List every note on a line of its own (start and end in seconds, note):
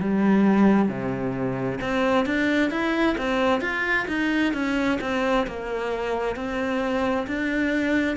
0.00 0.88 G3
0.88 1.79 C3
1.81 2.26 C4
2.26 2.71 D4
2.71 3.16 E4
3.18 3.61 C4
3.61 4.07 F4
4.08 4.53 D#4
4.53 4.99 C#4
5.01 5.47 C4
5.47 6.36 A#3
6.36 7.26 C4
7.27 8.17 D4